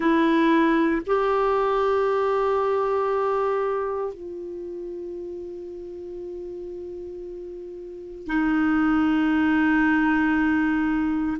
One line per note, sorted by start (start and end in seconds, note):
0.00 1.01 E4
1.06 4.13 G4
4.13 8.27 F4
8.27 11.37 D#4